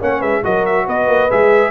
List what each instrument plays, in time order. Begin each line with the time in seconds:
0.00 tuba A#3, trombone C#4, horn C#5, trumpet F#5
0.19 tuba G#3, horn B4, trumpet E5
0.43 tuba F#3, trombone F#4, horn A#4, trumpet D#5
0.65 trumpet E5
0.86 tuba B3, horn B4, trumpet D#5
1.07 tuba A#3
1.30 tuba G#3, trombone G#4, trumpet E5